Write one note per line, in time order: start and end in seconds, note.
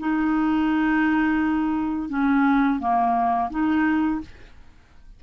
0.00 2.10 D#4
2.10 2.80 C#4
2.80 3.50 A#3
3.50 4.21 D#4